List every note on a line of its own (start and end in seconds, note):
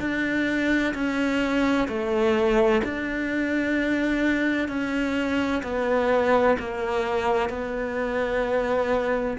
0.00 0.94 D4
0.94 1.88 C#4
1.88 2.82 A3
2.84 4.68 D4
4.68 5.62 C#4
5.63 6.57 B3
6.59 7.50 A#3
7.50 9.37 B3